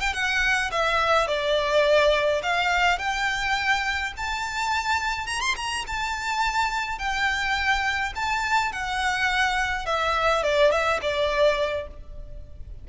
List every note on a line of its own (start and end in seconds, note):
0.00 0.13 G5
0.13 0.70 F#5
0.71 1.27 E5
1.27 2.42 D5
2.43 2.98 F5
2.98 4.13 G5
4.17 5.26 A5
5.26 5.40 A#5
5.40 5.55 C6
5.56 5.85 A#5
5.87 6.98 A5
6.98 8.13 G5
8.15 8.72 A5
8.72 9.85 F#5
9.85 10.43 E5
10.43 10.71 D5
10.71 10.99 E5
11.02 11.87 D5